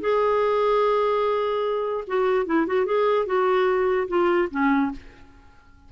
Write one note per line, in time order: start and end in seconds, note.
0.00 2.04 G#4
2.07 2.46 F#4
2.46 2.66 E4
2.67 2.85 F#4
2.85 3.26 G#4
3.26 4.07 F#4
4.08 4.48 F4
4.50 4.91 C#4